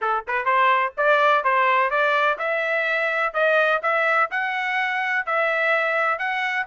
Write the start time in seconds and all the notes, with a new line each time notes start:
0.01 A4
0.27 B4
0.45 C5
0.97 D5
1.44 C5
1.90 D5
2.38 E5
3.33 D#5
3.82 E5
4.31 F#5
5.26 E5
6.18 F#5